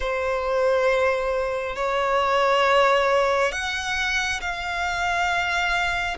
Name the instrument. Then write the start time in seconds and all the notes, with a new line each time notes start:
violin
0.00 C5
1.76 C#5
3.52 F#5
4.40 F5